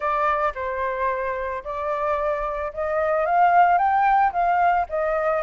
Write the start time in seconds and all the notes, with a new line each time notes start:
0.00 D5
0.55 C5
1.64 D5
2.73 D#5
3.25 F5
3.78 G5
4.32 F5
4.89 D#5